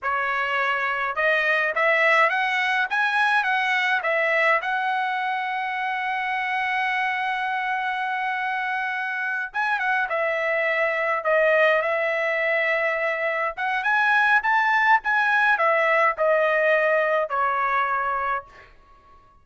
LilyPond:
\new Staff \with { instrumentName = "trumpet" } { \time 4/4 \tempo 4 = 104 cis''2 dis''4 e''4 | fis''4 gis''4 fis''4 e''4 | fis''1~ | fis''1~ |
fis''8 gis''8 fis''8 e''2 dis''8~ | dis''8 e''2. fis''8 | gis''4 a''4 gis''4 e''4 | dis''2 cis''2 | }